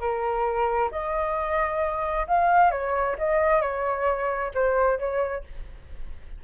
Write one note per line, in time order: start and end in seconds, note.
0.00 0.90 A#4
0.92 2.27 D#5
2.28 2.71 F5
2.71 3.17 C#5
3.19 3.62 D#5
3.62 4.52 C#5
4.55 4.99 C5
4.99 5.44 C#5